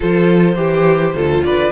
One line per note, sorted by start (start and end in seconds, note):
0.00 0.56 F3
0.00 0.55 F4
0.00 0.56 A4
0.00 1.43 C5
0.55 1.14 E3
0.55 1.13 G4
0.55 1.15 G4
1.14 1.43 D2
1.14 1.72 F4
1.14 1.44 A4
1.43 1.72 D3
1.43 1.72 B4
1.43 1.72 D5